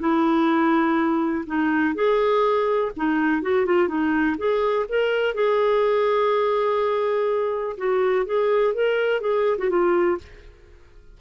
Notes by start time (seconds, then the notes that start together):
0.00 E4
1.47 D#4
1.95 G#4
2.97 D#4
3.43 F#4
3.66 F4
3.89 D#4
4.38 G#4
4.89 A#4
5.35 G#4
7.77 F#4
8.26 G#4
8.74 A#4
9.21 G#4
9.58 F#4
9.70 F4